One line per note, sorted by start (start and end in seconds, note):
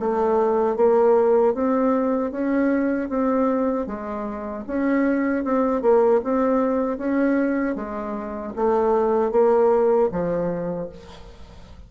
0.00 0.76 A3
0.76 1.54 A#3
1.54 2.32 C4
2.32 3.10 C#4
3.10 3.87 C4
3.87 4.65 G#3
4.67 5.44 C#4
5.44 5.82 C4
5.82 6.21 A#3
6.24 6.98 C4
6.98 7.76 C#4
7.76 8.54 G#3
8.56 9.32 A3
9.32 10.10 A#3
10.12 10.90 F3